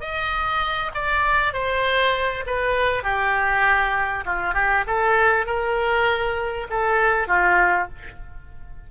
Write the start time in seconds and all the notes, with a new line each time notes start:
0.00 D#5
0.94 D5
1.53 C5
2.46 B4
3.03 G4
4.25 F4
4.54 G4
4.87 A4
5.46 A#4
6.70 A4
7.28 F4